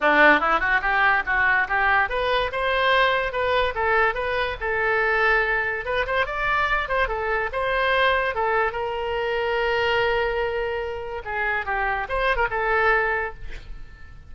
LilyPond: \new Staff \with { instrumentName = "oboe" } { \time 4/4 \tempo 4 = 144 d'4 e'8 fis'8 g'4 fis'4 | g'4 b'4 c''2 | b'4 a'4 b'4 a'4~ | a'2 b'8 c''8 d''4~ |
d''8 c''8 a'4 c''2 | a'4 ais'2.~ | ais'2. gis'4 | g'4 c''8. ais'16 a'2 | }